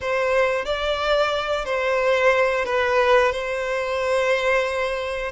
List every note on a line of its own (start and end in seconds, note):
0.00 0.65 C5
0.65 1.65 D5
1.65 2.65 C5
2.65 3.32 B4
3.32 5.32 C5